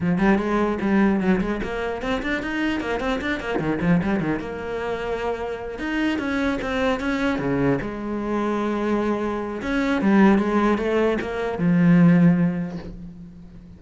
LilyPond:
\new Staff \with { instrumentName = "cello" } { \time 4/4 \tempo 4 = 150 f8 g8 gis4 g4 fis8 gis8 | ais4 c'8 d'8 dis'4 ais8 c'8 | d'8 ais8 dis8 f8 g8 dis8 ais4~ | ais2~ ais8 dis'4 cis'8~ |
cis'8 c'4 cis'4 cis4 gis8~ | gis1 | cis'4 g4 gis4 a4 | ais4 f2. | }